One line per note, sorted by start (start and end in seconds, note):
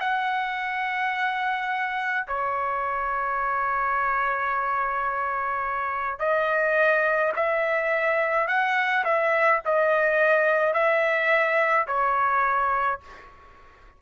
0.00 2.26 F#5
2.27 6.19 C#5
6.19 7.32 D#5
7.36 8.48 E5
8.48 9.04 F#5
9.04 9.61 E5
9.65 10.73 D#5
10.73 11.87 E5
11.87 13.00 C#5